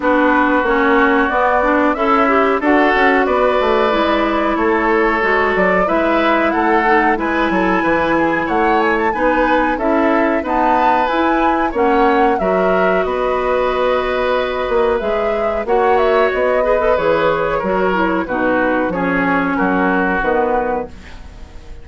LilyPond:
<<
  \new Staff \with { instrumentName = "flute" } { \time 4/4 \tempo 4 = 92 b'4 cis''4 d''4 e''4 | fis''4 d''2 cis''4~ | cis''8 d''8 e''4 fis''4 gis''4~ | gis''4 fis''8 gis''16 a''16 gis''4 e''4 |
a''4 gis''4 fis''4 e''4 | dis''2. e''4 | fis''8 e''8 dis''4 cis''2 | b'4 cis''4 ais'4 b'4 | }
  \new Staff \with { instrumentName = "oboe" } { \time 4/4 fis'2. e'4 | a'4 b'2 a'4~ | a'4 b'4 a'4 b'8 a'8 | b'8 gis'8 cis''4 b'4 a'4 |
b'2 cis''4 ais'4 | b'1 | cis''4. b'4. ais'4 | fis'4 gis'4 fis'2 | }
  \new Staff \with { instrumentName = "clarinet" } { \time 4/4 d'4 cis'4 b8 d'8 a'8 g'8 | fis'2 e'2 | fis'4 e'4. dis'8 e'4~ | e'2 dis'4 e'4 |
b4 e'4 cis'4 fis'4~ | fis'2. gis'4 | fis'4. gis'16 a'16 gis'4 fis'8 e'8 | dis'4 cis'2 b4 | }
  \new Staff \with { instrumentName = "bassoon" } { \time 4/4 b4 ais4 b4 cis'4 | d'8 cis'8 b8 a8 gis4 a4 | gis8 fis8 gis4 a4 gis8 fis8 | e4 a4 b4 cis'4 |
dis'4 e'4 ais4 fis4 | b2~ b8 ais8 gis4 | ais4 b4 e4 fis4 | b,4 f4 fis4 dis4 | }
>>